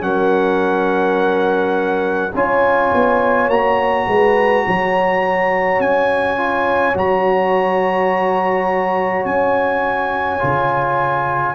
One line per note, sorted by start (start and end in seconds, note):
0.00 2.32 F#3
0.00 2.31 C#4
0.00 2.34 A#4
0.00 2.33 F#5
2.33 2.91 C#4
2.33 3.50 F4
2.33 4.07 C#5
2.33 3.50 G#5
2.94 3.48 B3
3.48 4.05 A#3
3.48 6.37 F#4
3.48 5.80 A#5
4.07 4.65 G#3
4.07 4.65 B4
4.66 5.79 F#3
4.66 11.55 C#5
5.79 6.95 C#4
5.79 6.96 G#5
6.37 6.94 F4
6.94 9.25 F#3
6.94 10.39 F#4
6.94 9.25 A#5
9.25 10.40 C#4
9.25 11.55 G#5
10.39 11.55 C#3
10.39 11.54 F4